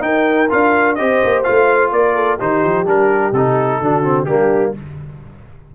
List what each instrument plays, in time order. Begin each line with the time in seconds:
0.00 trombone D#4, tuba D#4, horn A#4, trumpet G5
0.50 tuba D4, trombone F4, trumpet F5
0.95 tuba C4, trombone G4, horn C5, trumpet D#5
1.25 tuba A#3
1.44 tuba A3, trombone F4, trumpet F5
1.92 tuba A#3, horn A#4, trumpet D5
2.15 horn A4
2.38 tuba D#3, trombone D#4, horn G4, trumpet C5
2.65 tuba F3
2.85 tuba G3, trombone D4, trumpet A#4
3.32 tuba C3, trombone D#4, trumpet A4
3.81 tuba D3, trombone D4, horn F#4
4.04 trombone C4
4.25 tuba G3, trombone A#3, horn D4, trumpet G4